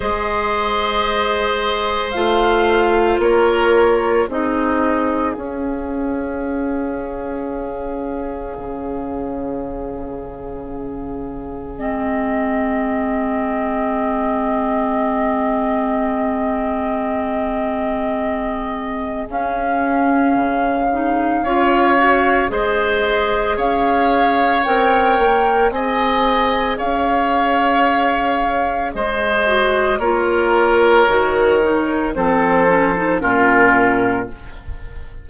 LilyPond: <<
  \new Staff \with { instrumentName = "flute" } { \time 4/4 \tempo 4 = 56 dis''2 f''4 cis''4 | dis''4 f''2.~ | f''2. dis''4~ | dis''1~ |
dis''2 f''2~ | f''4 dis''4 f''4 g''4 | gis''4 f''2 dis''4 | cis''2 c''4 ais'4 | }
  \new Staff \with { instrumentName = "oboe" } { \time 4/4 c''2. ais'4 | gis'1~ | gis'1~ | gis'1~ |
gis'1 | cis''4 c''4 cis''2 | dis''4 cis''2 c''4 | ais'2 a'4 f'4 | }
  \new Staff \with { instrumentName = "clarinet" } { \time 4/4 gis'2 f'2 | dis'4 cis'2.~ | cis'2. c'4~ | c'1~ |
c'2 cis'4. dis'8 | f'8 fis'8 gis'2 ais'4 | gis'2.~ gis'8 fis'8 | f'4 fis'8 dis'8 c'8 cis'16 dis'16 cis'4 | }
  \new Staff \with { instrumentName = "bassoon" } { \time 4/4 gis2 a4 ais4 | c'4 cis'2. | cis2. gis4~ | gis1~ |
gis2 cis'4 cis4 | cis'4 gis4 cis'4 c'8 ais8 | c'4 cis'2 gis4 | ais4 dis4 f4 ais,4 | }
>>